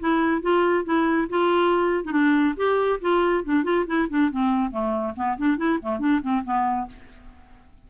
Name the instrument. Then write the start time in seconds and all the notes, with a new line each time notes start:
clarinet
0.00 E4
0.42 F4
0.85 E4
1.30 F4
2.05 D#4
2.12 D4
2.57 G4
3.01 F4
3.45 D4
3.64 F4
3.87 E4
4.09 D4
4.31 C4
4.71 A3
5.16 B3
5.38 D4
5.58 E4
5.82 A3
5.99 D4
6.22 C4
6.45 B3